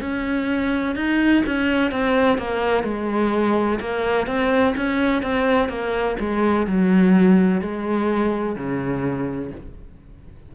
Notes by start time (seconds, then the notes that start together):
0.00 C#4
0.96 D#4
1.46 C#4
1.91 C4
2.38 A#3
2.84 G#3
3.80 A#3
4.26 C4
4.76 C#4
5.23 C4
5.68 A#3
6.19 G#3
6.67 F#3
7.61 G#3
8.56 C#3